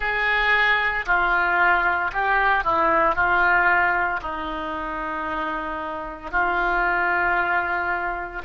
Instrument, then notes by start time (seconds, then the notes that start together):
oboe
0.00 G#4
1.05 F4
2.12 G4
2.64 E4
3.15 F4
4.22 D#4
6.31 F4